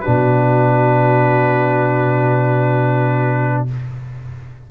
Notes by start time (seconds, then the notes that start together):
0.00 D4 F#4 B4
0.07 B2